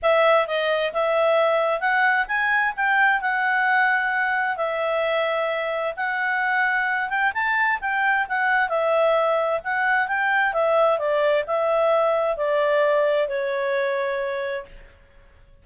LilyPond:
\new Staff \with { instrumentName = "clarinet" } { \time 4/4 \tempo 4 = 131 e''4 dis''4 e''2 | fis''4 gis''4 g''4 fis''4~ | fis''2 e''2~ | e''4 fis''2~ fis''8 g''8 |
a''4 g''4 fis''4 e''4~ | e''4 fis''4 g''4 e''4 | d''4 e''2 d''4~ | d''4 cis''2. | }